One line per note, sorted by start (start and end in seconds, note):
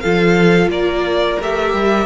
0.00 0.68 F3
0.00 1.40 F4
0.00 0.71 A4
0.00 0.68 F5
0.68 1.36 A#3
0.68 2.06 A#4
0.68 1.39 D5
1.39 1.73 A3
1.39 2.06 G4
1.39 2.06 E5
1.73 2.06 G3